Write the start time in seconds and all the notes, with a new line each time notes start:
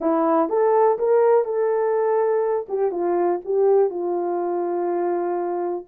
0.00 E4
0.49 A4
0.98 A#4
1.45 A4
2.68 G4
2.91 F4
3.44 G4
3.90 F4